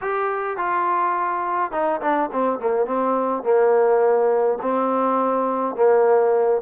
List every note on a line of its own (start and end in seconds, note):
0.01 0.57 G4
0.57 1.72 F4
1.72 2.00 D#4
2.01 2.29 D4
2.32 2.59 C4
2.59 2.86 A#3
2.86 3.43 C4
3.43 4.58 A#3
4.61 5.75 C4
5.75 6.61 A#3